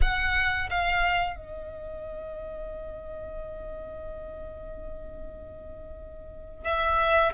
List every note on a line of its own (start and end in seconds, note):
0.01 0.69 F#5
0.70 1.36 F5
1.36 6.64 D#5
6.64 7.32 E5